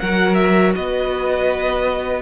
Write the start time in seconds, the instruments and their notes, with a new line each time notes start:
0.00 cello F#3, viola F#4, violin A#4 F#5
0.35 violin E5
0.75 cello B3, violin B4 D#5